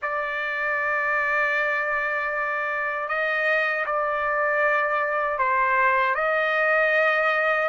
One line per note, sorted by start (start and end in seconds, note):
0.02 3.08 D5
3.08 3.85 D#5
3.86 5.38 D5
5.38 6.15 C5
6.15 7.68 D#5